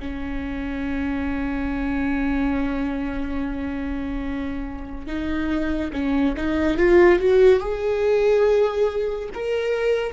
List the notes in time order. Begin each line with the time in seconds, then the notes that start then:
0.00 C#4
5.07 D#4
5.93 C#4
6.37 D#4
6.77 F4
7.19 F#4
7.60 G#4
9.34 A#4